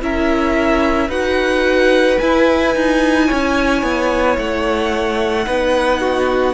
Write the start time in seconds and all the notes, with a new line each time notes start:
0.00 C#4 E4 A#4 E5
1.08 D#4 F#4 B4 F#5
2.18 E4 G#5
2.75 D#4
3.26 C#4 C#5
3.82 B3
4.37 A3 F#5
5.45 B3 D#4 B4
6.00 F#4